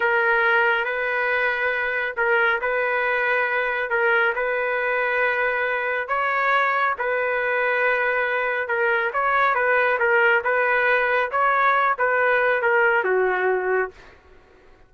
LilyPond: \new Staff \with { instrumentName = "trumpet" } { \time 4/4 \tempo 4 = 138 ais'2 b'2~ | b'4 ais'4 b'2~ | b'4 ais'4 b'2~ | b'2 cis''2 |
b'1 | ais'4 cis''4 b'4 ais'4 | b'2 cis''4. b'8~ | b'4 ais'4 fis'2 | }